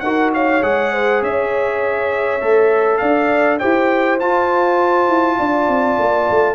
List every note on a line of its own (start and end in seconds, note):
0.00 0.62 D#4
0.00 0.62 F#4
0.00 0.33 A#4
0.00 0.30 F#5
0.33 0.92 C#5
0.33 0.63 F5
0.62 1.22 G#3
0.62 2.40 G#4
0.62 1.22 F#5
0.92 1.21 C5
1.21 2.41 C#4
1.21 3.00 C#5
1.21 2.98 E5
2.41 3.00 A3
2.41 3.59 A4
2.98 3.61 D4
2.98 3.59 D5
2.98 3.57 F5
3.59 4.21 E4
3.59 4.20 G4
3.59 5.37 C5
3.59 4.18 G5
4.20 6.55 F4
4.20 5.08 F4
4.20 6.55 A5
5.08 5.38 E4
5.38 5.68 D4
5.38 6.55 D5
5.68 5.98 C4
5.99 6.28 A#3
6.30 6.55 A3